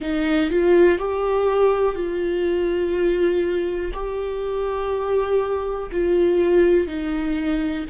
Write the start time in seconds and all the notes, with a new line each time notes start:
0.00 D#4
0.50 F4
0.98 G4
1.95 F4
3.93 G4
5.92 F4
6.87 D#4